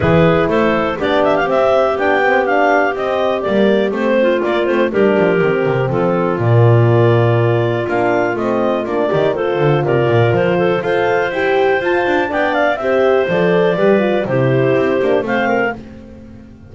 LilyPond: <<
  \new Staff \with { instrumentName = "clarinet" } { \time 4/4 \tempo 4 = 122 b'4 c''4 d''8 e''16 f''16 e''4 | g''4 f''4 dis''4 d''4 | c''4 d''8 c''8 ais'2 | a'4 d''2. |
f''4 dis''4 d''4 c''4 | d''4 c''4 f''4 g''4 | a''4 g''8 f''8 e''4 d''4~ | d''4 c''2 f''4 | }
  \new Staff \with { instrumentName = "clarinet" } { \time 4/4 gis'4 a'4 g'2~ | g'1~ | g'8 f'4. g'2 | f'1~ |
f'2~ f'8 g'8 a'4 | ais'4. a'8 c''2~ | c''4 d''4 c''2 | b'4 g'2 c''8 ais'8 | }
  \new Staff \with { instrumentName = "horn" } { \time 4/4 e'2 d'4 c'4 | d'8 c'8 d'4 c'4 ais4 | c'4 ais8 c'8 d'4 c'4~ | c'4 ais2. |
d'4 c'4 d'8 dis'8 f'4~ | f'2 a'4 g'4 | f'4 d'4 g'4 a'4 | g'8 f'8 e'4. d'8 c'4 | }
  \new Staff \with { instrumentName = "double bass" } { \time 4/4 e4 a4 b4 c'4 | b2 c'4 g4 | a4 ais8 a8 g8 f8 dis8 c8 | f4 ais,2. |
ais4 a4 ais8 dis4 d8 | c8 ais,8 f4 f'4 e'4 | f'8 d'8 b4 c'4 f4 | g4 c4 c'8 ais8 a4 | }
>>